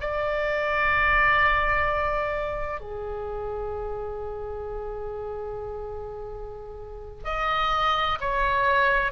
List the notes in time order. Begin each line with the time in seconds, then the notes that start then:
0.00 D5
2.80 G#4
7.24 D#5
8.20 C#5